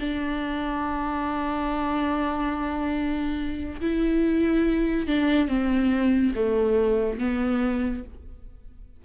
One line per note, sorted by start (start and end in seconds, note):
0.00 3.80 D4
3.81 5.07 E4
5.07 5.48 D4
5.48 6.33 C4
6.36 7.19 A3
7.19 8.04 B3